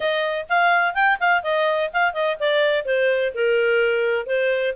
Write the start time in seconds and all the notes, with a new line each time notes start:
0.00 D#5
0.49 F5
0.94 G5
1.19 F5
1.43 D#5
1.93 F5
2.13 D#5
2.39 D5
2.85 C5
3.34 A#4
4.26 C5